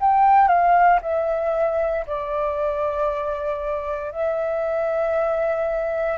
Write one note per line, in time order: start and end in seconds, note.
0.00 0.47 G5
0.47 0.99 F5
1.02 2.05 E5
2.07 4.12 D5
4.12 6.18 E5